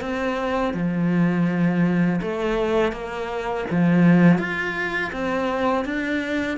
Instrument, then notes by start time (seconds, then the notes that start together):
cello
0.00 C4
0.73 F3
2.21 A3
2.92 A#3
3.70 F3
4.38 F4
5.12 C4
5.84 D4